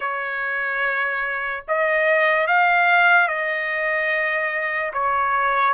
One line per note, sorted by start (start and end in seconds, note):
0.00 1.64 C#5
1.68 2.47 D#5
2.47 3.28 F5
3.28 4.92 D#5
4.93 5.73 C#5